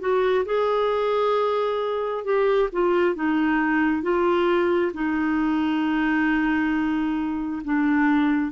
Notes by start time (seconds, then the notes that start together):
0.00 F#4
0.45 G#4
2.25 G4
2.72 F4
3.15 D#4
4.03 F4
4.94 D#4
7.64 D4